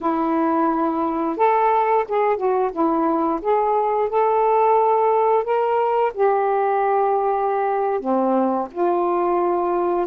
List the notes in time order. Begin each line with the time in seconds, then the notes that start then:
0.00 E4
1.36 A4
2.08 G#4
2.36 F#4
2.72 E4
3.41 G#4
4.09 A4
5.44 A#4
6.14 G4
8.00 C4
8.71 F4